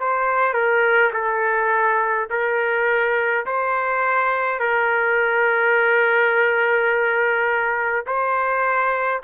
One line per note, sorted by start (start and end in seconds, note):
0.00 0.53 C5
0.53 1.11 A#4
1.13 2.29 A4
2.30 3.45 A#4
3.46 4.59 C5
4.59 8.06 A#4
8.06 9.22 C5